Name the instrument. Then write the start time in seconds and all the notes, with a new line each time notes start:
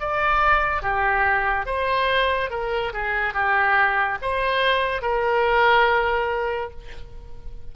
oboe
0.00 D5
0.82 G4
1.66 C5
2.50 A#4
2.93 G#4
3.34 G4
4.22 C5
5.02 A#4